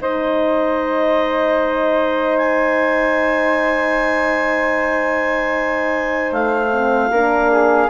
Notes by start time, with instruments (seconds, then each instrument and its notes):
0.00 bassoon G#3, horn D#4, flute C5, clarinet D#5
2.38 clarinet G#5
6.32 bassoon A3, clarinet F5
6.72 horn C4
7.10 bassoon A#3, horn D4, flute A#4
7.51 flute G#4